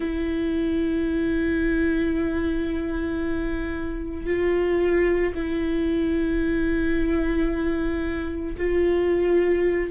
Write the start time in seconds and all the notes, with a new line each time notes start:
0.00 E4
4.26 F4
5.35 E4
8.57 F4